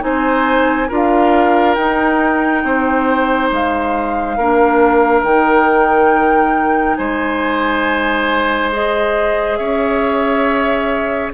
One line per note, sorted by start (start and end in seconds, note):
0.00 0.90 C4
0.00 0.87 D#4
0.00 0.88 C5
0.00 0.89 G#5
0.88 1.77 D4
0.88 1.76 F4
0.88 2.62 A#4
0.95 1.75 F5
1.75 2.64 D#4
1.75 4.39 D#4
1.75 3.49 G5
2.64 3.51 C4
2.64 4.37 C5
3.51 4.37 G#3
3.51 5.24 F5
4.37 5.23 A#3
4.37 5.26 D4
4.37 6.98 A#4
5.23 6.97 D#3
5.23 8.72 D#4
5.23 6.96 G5
6.96 9.59 G#3
6.96 9.58 C5
6.96 8.70 G#5
8.72 11.33 G#4
8.72 9.56 D#5
9.56 11.33 C#4
9.56 11.32 C#5
9.56 11.30 E5